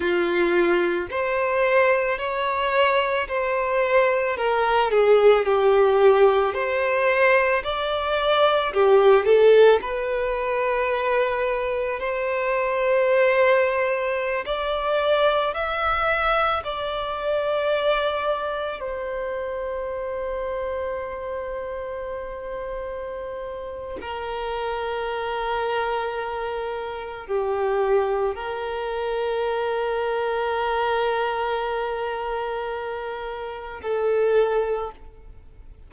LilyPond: \new Staff \with { instrumentName = "violin" } { \time 4/4 \tempo 4 = 55 f'4 c''4 cis''4 c''4 | ais'8 gis'8 g'4 c''4 d''4 | g'8 a'8 b'2 c''4~ | c''4~ c''16 d''4 e''4 d''8.~ |
d''4~ d''16 c''2~ c''8.~ | c''2 ais'2~ | ais'4 g'4 ais'2~ | ais'2. a'4 | }